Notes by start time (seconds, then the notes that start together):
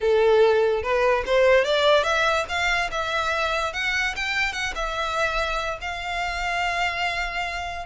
0.01 A4
0.82 B4
1.26 C5
1.64 D5
2.03 E5
2.48 F5
2.91 E5
3.73 F#5
4.15 G5
4.52 F#5
4.75 E5
5.81 F5